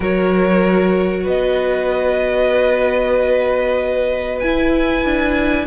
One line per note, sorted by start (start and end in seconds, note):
0.00 1.26 F#3
0.00 4.42 F#4
0.00 1.23 A#4
0.00 1.26 C#5
1.23 4.42 B3
1.23 5.65 B4
1.23 4.39 D#5
4.39 5.66 E4
4.39 5.04 E4
4.39 5.66 G#5
5.04 5.66 D4